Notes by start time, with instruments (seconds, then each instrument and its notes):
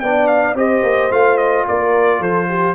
0.00 tuba B3, trombone D4, horn D5, trumpet G5
0.27 trumpet F5
0.54 tuba C4, trombone G4, horn C5, trumpet D#5
0.82 tuba A#3
1.10 tuba A3, trombone F4, trumpet F5
1.37 trumpet D#5
1.67 tuba A#3, horn A#4, trumpet D5
2.19 tuba F3, horn A4, trumpet C5
2.48 horn G4